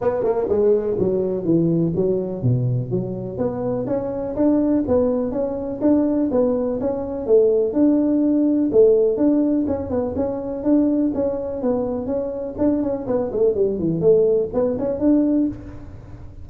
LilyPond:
\new Staff \with { instrumentName = "tuba" } { \time 4/4 \tempo 4 = 124 b8 ais8 gis4 fis4 e4 | fis4 b,4 fis4 b4 | cis'4 d'4 b4 cis'4 | d'4 b4 cis'4 a4 |
d'2 a4 d'4 | cis'8 b8 cis'4 d'4 cis'4 | b4 cis'4 d'8 cis'8 b8 a8 | g8 e8 a4 b8 cis'8 d'4 | }